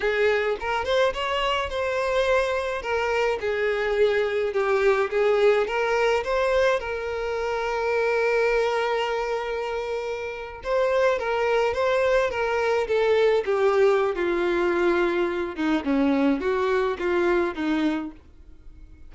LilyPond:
\new Staff \with { instrumentName = "violin" } { \time 4/4 \tempo 4 = 106 gis'4 ais'8 c''8 cis''4 c''4~ | c''4 ais'4 gis'2 | g'4 gis'4 ais'4 c''4 | ais'1~ |
ais'2~ ais'8. c''4 ais'16~ | ais'8. c''4 ais'4 a'4 g'16~ | g'4 f'2~ f'8 dis'8 | cis'4 fis'4 f'4 dis'4 | }